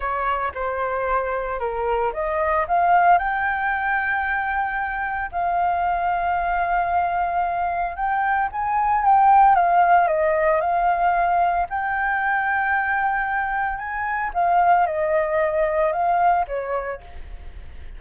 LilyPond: \new Staff \with { instrumentName = "flute" } { \time 4/4 \tempo 4 = 113 cis''4 c''2 ais'4 | dis''4 f''4 g''2~ | g''2 f''2~ | f''2. g''4 |
gis''4 g''4 f''4 dis''4 | f''2 g''2~ | g''2 gis''4 f''4 | dis''2 f''4 cis''4 | }